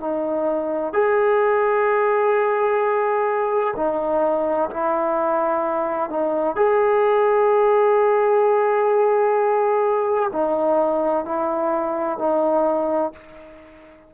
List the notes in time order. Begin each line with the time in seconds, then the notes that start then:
0.00 D#4
0.93 G#4
3.76 D#4
4.70 E4
6.10 D#4
6.56 G#4
10.33 D#4
11.25 E4
12.19 D#4